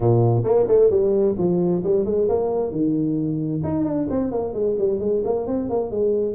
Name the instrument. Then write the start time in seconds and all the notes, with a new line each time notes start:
tuba
0.00 A#2
0.44 A#3
0.67 A3
0.90 G3
1.37 F3
1.83 G3
2.05 G#3
2.29 A#3
2.71 D#3
3.63 D#4
3.84 D4
4.10 C4
4.31 A#3
4.53 G#3
4.78 G3
4.99 G#3
5.24 A#3
5.46 C4
5.69 A#3
5.90 G#3